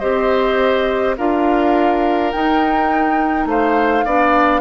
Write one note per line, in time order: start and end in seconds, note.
0.00 1.18 C4
0.00 1.17 G4
0.00 1.16 C5
0.00 1.15 D#5
1.18 2.34 D4
1.18 2.34 F4
1.18 3.49 A#4
1.18 2.32 F5
2.32 4.07 D#4
2.32 3.46 D#4
2.32 3.47 G5
3.46 4.04 A3
3.46 4.06 C5
3.46 4.61 F5
4.06 4.61 B3
4.06 4.61 D4
4.06 4.61 D5